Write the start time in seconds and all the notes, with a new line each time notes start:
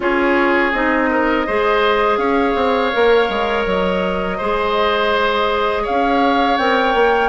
0.00 C#4 F4 G#4 C#5
0.72 C4 D#4 D#5
1.10 A#4
1.46 G#3 G#4 C5
2.17 C#4 C#5 F5
2.55 C4
2.92 A#3 A#4
3.29 G#3
3.66 F#3 D#5
4.37 G#3 G#4 C5
5.82 C#4 C#5 F5
6.57 C4 A#4 G5
6.94 A#3